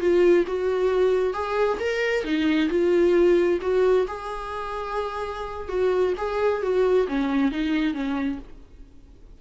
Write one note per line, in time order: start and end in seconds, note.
0.00 0.45 F4
0.47 1.33 F#4
1.33 1.78 G#4
1.79 2.24 A#4
2.24 2.69 D#4
2.69 3.59 F4
3.61 4.06 F#4
4.07 5.68 G#4
5.68 6.13 F#4
6.17 6.62 G#4
6.62 7.07 F#4
7.07 7.51 C#4
7.51 7.93 D#4
7.93 8.38 C#4